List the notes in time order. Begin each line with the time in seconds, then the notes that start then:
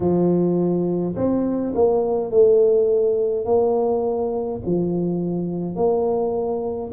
0.00 F3
1.15 C4
1.75 A#3
2.31 A3
3.45 A#3
4.65 F3
5.75 A#3